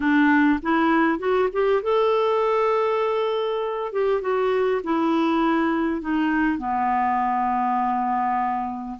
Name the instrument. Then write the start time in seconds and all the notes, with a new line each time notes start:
clarinet
0.00 D4
0.62 E4
1.18 F#4
1.52 G4
1.82 A4
3.92 G4
4.21 F#4
4.83 E4
6.01 D#4
6.58 B3